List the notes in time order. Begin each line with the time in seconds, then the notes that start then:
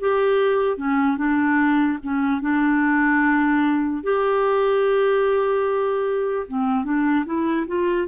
0.00 G4
0.77 C#4
1.17 D4
2.03 C#4
2.41 D4
4.03 G4
6.47 C4
6.84 D4
7.25 E4
7.67 F4